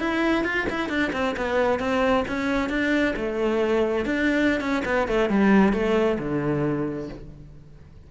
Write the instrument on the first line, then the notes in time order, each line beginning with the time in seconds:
cello
0.00 E4
0.45 F4
0.71 E4
0.90 D4
1.13 C4
1.37 B3
1.80 C4
2.28 C#4
2.70 D4
3.17 A3
4.06 D4
4.61 C#4
4.86 B3
5.09 A3
5.30 G3
5.73 A3
6.19 D3